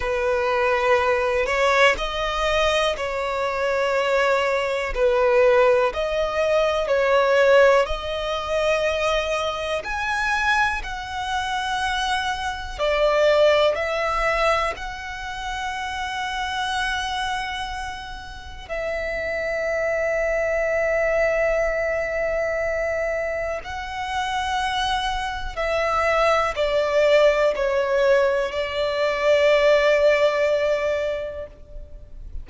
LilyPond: \new Staff \with { instrumentName = "violin" } { \time 4/4 \tempo 4 = 61 b'4. cis''8 dis''4 cis''4~ | cis''4 b'4 dis''4 cis''4 | dis''2 gis''4 fis''4~ | fis''4 d''4 e''4 fis''4~ |
fis''2. e''4~ | e''1 | fis''2 e''4 d''4 | cis''4 d''2. | }